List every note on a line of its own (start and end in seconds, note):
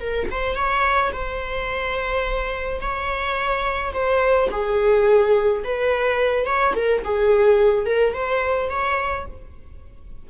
0.00 0.28 A#4
0.31 0.55 C5
0.55 1.11 C#5
1.12 2.80 C5
2.80 3.93 C#5
3.93 4.49 C5
4.51 5.63 G#4
5.64 6.46 B4
6.46 6.74 C#5
6.74 7.02 A#4
7.04 7.85 G#4
7.85 8.13 A#4
8.13 8.69 C5
8.69 9.25 C#5